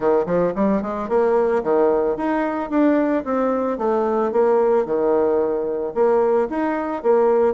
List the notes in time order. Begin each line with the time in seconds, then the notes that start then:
0.00 D#3
0.26 F3
0.55 G3
0.82 G#3
1.08 A#3
1.63 D#3
2.16 D#4
2.70 D4
3.24 C4
3.78 A3
4.31 A#3
4.85 D#3
5.94 A#3
6.49 D#4
7.02 A#3